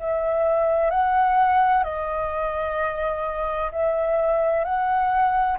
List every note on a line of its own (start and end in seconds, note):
0.00 0.91 E5
0.91 1.84 F#5
1.84 3.72 D#5
3.72 4.65 E5
4.65 5.59 F#5